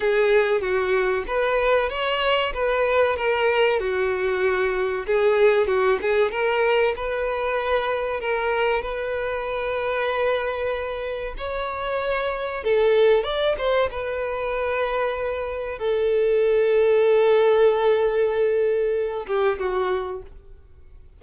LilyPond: \new Staff \with { instrumentName = "violin" } { \time 4/4 \tempo 4 = 95 gis'4 fis'4 b'4 cis''4 | b'4 ais'4 fis'2 | gis'4 fis'8 gis'8 ais'4 b'4~ | b'4 ais'4 b'2~ |
b'2 cis''2 | a'4 d''8 c''8 b'2~ | b'4 a'2.~ | a'2~ a'8 g'8 fis'4 | }